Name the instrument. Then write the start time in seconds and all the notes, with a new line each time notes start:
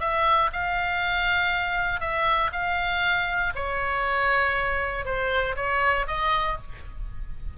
oboe
0.00 E5
0.53 F5
2.01 E5
2.52 F5
3.55 C#5
5.05 C5
5.56 C#5
6.07 D#5